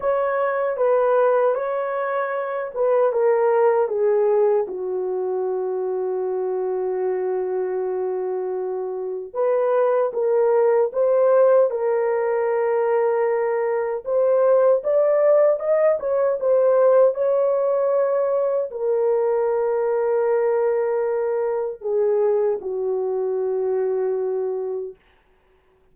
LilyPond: \new Staff \with { instrumentName = "horn" } { \time 4/4 \tempo 4 = 77 cis''4 b'4 cis''4. b'8 | ais'4 gis'4 fis'2~ | fis'1 | b'4 ais'4 c''4 ais'4~ |
ais'2 c''4 d''4 | dis''8 cis''8 c''4 cis''2 | ais'1 | gis'4 fis'2. | }